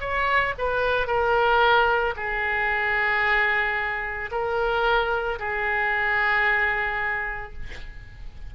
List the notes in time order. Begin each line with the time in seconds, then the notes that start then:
0.00 C#5
0.58 B4
1.07 A#4
2.16 G#4
4.31 A#4
5.39 G#4